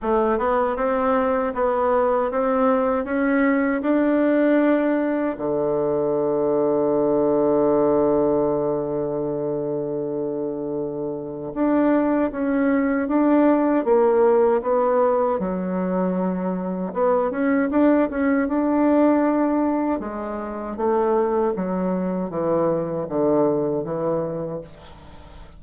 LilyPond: \new Staff \with { instrumentName = "bassoon" } { \time 4/4 \tempo 4 = 78 a8 b8 c'4 b4 c'4 | cis'4 d'2 d4~ | d1~ | d2. d'4 |
cis'4 d'4 ais4 b4 | fis2 b8 cis'8 d'8 cis'8 | d'2 gis4 a4 | fis4 e4 d4 e4 | }